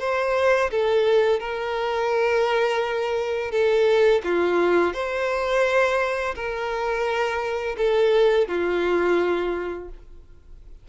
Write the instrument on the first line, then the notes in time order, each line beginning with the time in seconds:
violin
0.00 C5
0.71 A4
1.40 A#4
3.51 A4
4.24 F4
4.94 C5
6.35 A#4
7.78 A4
8.48 F4